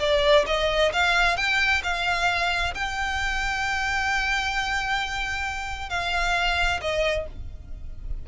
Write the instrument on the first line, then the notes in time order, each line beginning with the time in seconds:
violin
0.00 D5
0.47 D#5
0.93 F5
1.37 G5
1.84 F5
2.75 G5
5.90 F5
6.81 D#5